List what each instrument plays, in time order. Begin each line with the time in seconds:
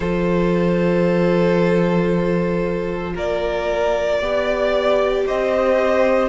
0.00 cello F3, viola F4, violin A4 C5
3.14 cello A#3, violin A#4 D5
4.18 cello B3, viola G4, violin D5
5.26 cello C4, violin C5 D#5